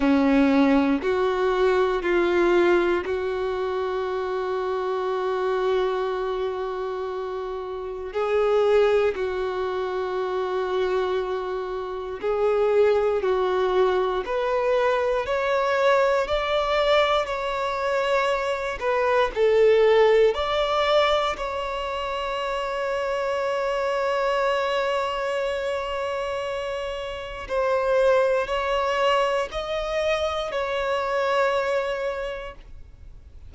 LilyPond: \new Staff \with { instrumentName = "violin" } { \time 4/4 \tempo 4 = 59 cis'4 fis'4 f'4 fis'4~ | fis'1 | gis'4 fis'2. | gis'4 fis'4 b'4 cis''4 |
d''4 cis''4. b'8 a'4 | d''4 cis''2.~ | cis''2. c''4 | cis''4 dis''4 cis''2 | }